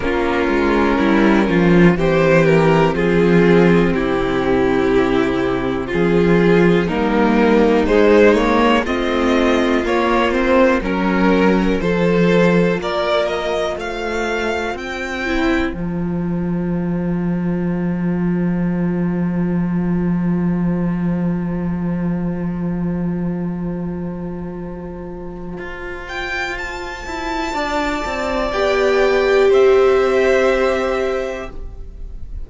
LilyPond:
<<
  \new Staff \with { instrumentName = "violin" } { \time 4/4 \tempo 4 = 61 ais'2 c''8 ais'8 gis'4 | g'2 gis'4 ais'4 | c''8 cis''8 dis''4 cis''8 c''8 ais'4 | c''4 d''8 dis''8 f''4 g''4 |
a''1~ | a''1~ | a''2~ a''8 g''8 a''4~ | a''4 g''4 e''2 | }
  \new Staff \with { instrumentName = "violin" } { \time 4/4 f'4 e'8 f'8 g'4 f'4 | e'2 f'4 dis'4~ | dis'4 f'2 ais'4 | a'4 ais'4 c''2~ |
c''1~ | c''1~ | c''1 | d''2 c''2 | }
  \new Staff \with { instrumentName = "viola" } { \time 4/4 cis'2 c'2~ | c'2. ais4 | gis8 ais8 c'4 ais8 c'8 cis'4 | f'2.~ f'8 e'8 |
f'1~ | f'1~ | f'1~ | f'4 g'2. | }
  \new Staff \with { instrumentName = "cello" } { \time 4/4 ais8 gis8 g8 f8 e4 f4 | c2 f4 g4 | gis4 a4 ais4 fis4 | f4 ais4 a4 c'4 |
f1~ | f1~ | f2 f'4. e'8 | d'8 c'8 b4 c'2 | }
>>